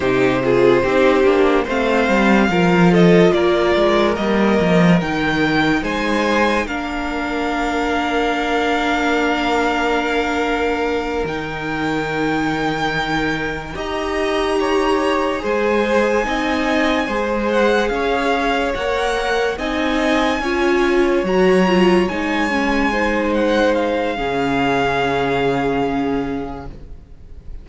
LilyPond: <<
  \new Staff \with { instrumentName = "violin" } { \time 4/4 \tempo 4 = 72 c''2 f''4. dis''8 | d''4 dis''4 g''4 gis''4 | f''1~ | f''4. g''2~ g''8~ |
g''8 ais''2 gis''4.~ | gis''4 fis''8 f''4 fis''4 gis''8~ | gis''4. ais''4 gis''4. | fis''8 f''2.~ f''8 | }
  \new Staff \with { instrumentName = "violin" } { \time 4/4 g'8 gis'8 g'4 c''4 ais'8 a'8 | ais'2. c''4 | ais'1~ | ais'1~ |
ais'8 dis''4 cis''4 c''4 dis''8~ | dis''8 c''4 cis''2 dis''8~ | dis''8 cis''2. c''8~ | c''4 gis'2. | }
  \new Staff \with { instrumentName = "viola" } { \time 4/4 dis'8 f'8 dis'8 d'8 c'4 f'4~ | f'4 ais4 dis'2 | d'1~ | d'4. dis'2~ dis'8~ |
dis'8 g'2 gis'4 dis'8~ | dis'8 gis'2 ais'4 dis'8~ | dis'8 f'4 fis'8 f'8 dis'8 cis'8 dis'8~ | dis'4 cis'2. | }
  \new Staff \with { instrumentName = "cello" } { \time 4/4 c4 c'8 ais8 a8 g8 f4 | ais8 gis8 g8 f8 dis4 gis4 | ais1~ | ais4. dis2~ dis8~ |
dis8 dis'2 gis4 c'8~ | c'8 gis4 cis'4 ais4 c'8~ | c'8 cis'4 fis4 gis4.~ | gis4 cis2. | }
>>